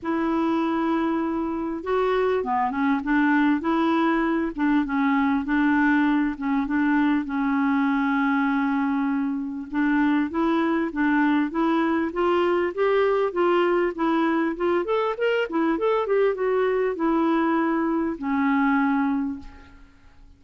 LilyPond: \new Staff \with { instrumentName = "clarinet" } { \time 4/4 \tempo 4 = 99 e'2. fis'4 | b8 cis'8 d'4 e'4. d'8 | cis'4 d'4. cis'8 d'4 | cis'1 |
d'4 e'4 d'4 e'4 | f'4 g'4 f'4 e'4 | f'8 a'8 ais'8 e'8 a'8 g'8 fis'4 | e'2 cis'2 | }